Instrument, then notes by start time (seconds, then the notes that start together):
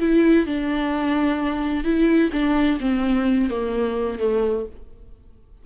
viola
0.00 E4
0.47 D4
1.85 E4
2.33 D4
2.80 C4
3.50 A#3
4.19 A3